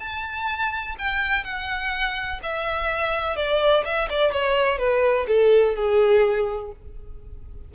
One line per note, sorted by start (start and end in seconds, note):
0.00 0.96 A5
0.99 1.45 G5
1.45 2.41 F#5
2.43 3.36 E5
3.36 3.84 D5
3.85 4.09 E5
4.10 4.32 D5
4.32 4.79 C#5
4.79 5.27 B4
5.28 5.76 A4
5.76 6.72 G#4